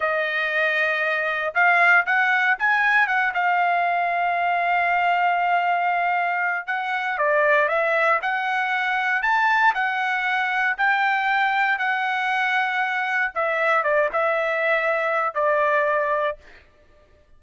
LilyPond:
\new Staff \with { instrumentName = "trumpet" } { \time 4/4 \tempo 4 = 117 dis''2. f''4 | fis''4 gis''4 fis''8 f''4.~ | f''1~ | f''4 fis''4 d''4 e''4 |
fis''2 a''4 fis''4~ | fis''4 g''2 fis''4~ | fis''2 e''4 d''8 e''8~ | e''2 d''2 | }